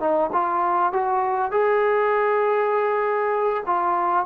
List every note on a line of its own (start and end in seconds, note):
0.00 0.30 D#4
0.33 0.93 F4
0.93 1.52 F#4
1.52 3.64 G#4
3.66 4.26 F4